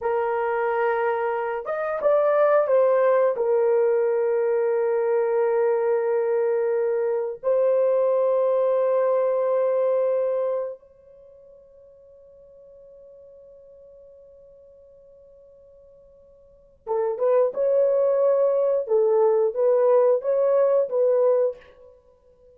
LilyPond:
\new Staff \with { instrumentName = "horn" } { \time 4/4 \tempo 4 = 89 ais'2~ ais'8 dis''8 d''4 | c''4 ais'2.~ | ais'2. c''4~ | c''1 |
cis''1~ | cis''1~ | cis''4 a'8 b'8 cis''2 | a'4 b'4 cis''4 b'4 | }